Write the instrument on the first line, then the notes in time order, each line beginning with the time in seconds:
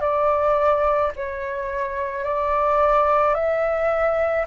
flute
0.00 D5
1.16 C#5
2.24 D5
3.34 E5